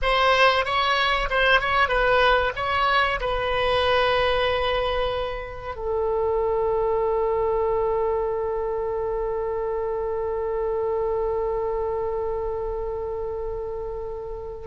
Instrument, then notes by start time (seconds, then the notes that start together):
oboe
0.02 C5
0.65 C#5
1.29 C5
1.60 C#5
1.88 B4
2.56 C#5
3.20 B4
5.75 A4